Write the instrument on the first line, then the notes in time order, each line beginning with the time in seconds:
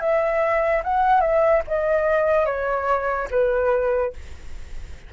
flute
0.00 E5
0.84 F#5
1.21 E5
1.67 D#5
2.45 C#5
3.31 B4